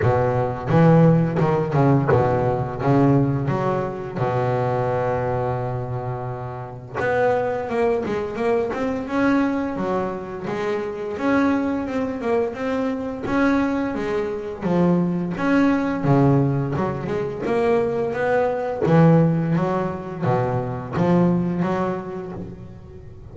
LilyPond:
\new Staff \with { instrumentName = "double bass" } { \time 4/4 \tempo 4 = 86 b,4 e4 dis8 cis8 b,4 | cis4 fis4 b,2~ | b,2 b4 ais8 gis8 | ais8 c'8 cis'4 fis4 gis4 |
cis'4 c'8 ais8 c'4 cis'4 | gis4 f4 cis'4 cis4 | fis8 gis8 ais4 b4 e4 | fis4 b,4 f4 fis4 | }